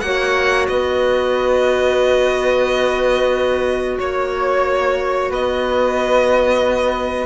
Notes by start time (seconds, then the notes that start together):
0.00 A#3 F#4 C#5 F#5
0.68 B3 B4 D#5
3.98 A#3 C#5
5.30 B3 B4 D#5